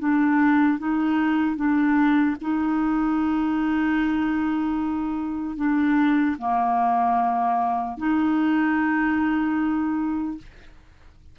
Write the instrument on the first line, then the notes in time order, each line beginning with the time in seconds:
clarinet
0.00 D4
0.79 D#4
1.56 D4
2.41 D#4
5.57 D4
6.39 A#3
7.98 D#4